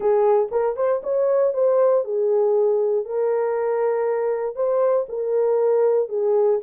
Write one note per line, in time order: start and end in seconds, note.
0.00 0.49 G#4
0.51 0.76 A#4
0.76 1.01 C5
1.03 1.53 C#5
1.53 2.04 C5
2.04 3.05 G#4
3.05 4.55 A#4
4.55 5.06 C5
5.08 6.09 A#4
6.09 6.59 G#4